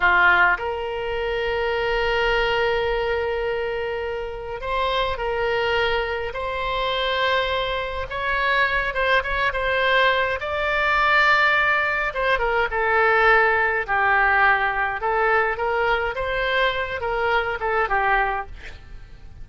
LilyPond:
\new Staff \with { instrumentName = "oboe" } { \time 4/4 \tempo 4 = 104 f'4 ais'2.~ | ais'1 | c''4 ais'2 c''4~ | c''2 cis''4. c''8 |
cis''8 c''4. d''2~ | d''4 c''8 ais'8 a'2 | g'2 a'4 ais'4 | c''4. ais'4 a'8 g'4 | }